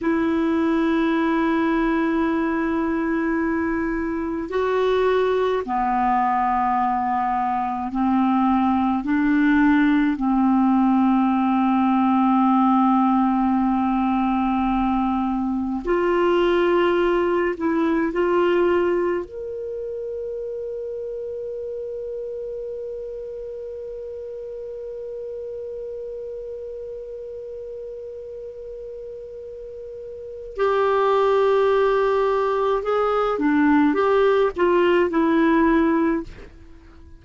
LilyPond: \new Staff \with { instrumentName = "clarinet" } { \time 4/4 \tempo 4 = 53 e'1 | fis'4 b2 c'4 | d'4 c'2.~ | c'2 f'4. e'8 |
f'4 ais'2.~ | ais'1~ | ais'2. g'4~ | g'4 gis'8 d'8 g'8 f'8 e'4 | }